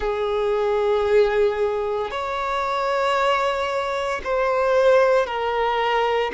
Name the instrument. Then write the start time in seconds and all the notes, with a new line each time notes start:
violin
0.00 G#4
2.11 C#5
4.23 C5
5.26 A#4